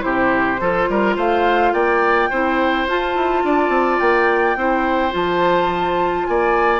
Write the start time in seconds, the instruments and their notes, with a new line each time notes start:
0.00 bassoon C3, clarinet E4, oboe G4, flute C5
0.60 bassoon F3, clarinet F4, oboe A4
0.89 bassoon G3, oboe A#4
1.16 bassoon A3, oboe C5, flute F5
1.73 bassoon A#3, oboe D5, flute G5
2.30 bassoon C4, clarinet E4, oboe C5
2.87 bassoon F4, clarinet F4, flute A5
3.15 bassoon E4
3.44 bassoon D4, oboe D5
3.69 bassoon C4
3.99 bassoon A#3, flute G5
4.56 bassoon C4, clarinet E4, oboe C5
5.11 bassoon F3, clarinet F4, flute A5
6.27 bassoon A#3, oboe D5, flute G#5